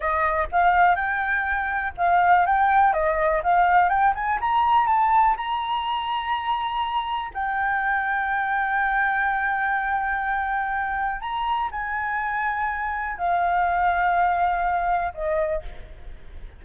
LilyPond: \new Staff \with { instrumentName = "flute" } { \time 4/4 \tempo 4 = 123 dis''4 f''4 g''2 | f''4 g''4 dis''4 f''4 | g''8 gis''8 ais''4 a''4 ais''4~ | ais''2. g''4~ |
g''1~ | g''2. ais''4 | gis''2. f''4~ | f''2. dis''4 | }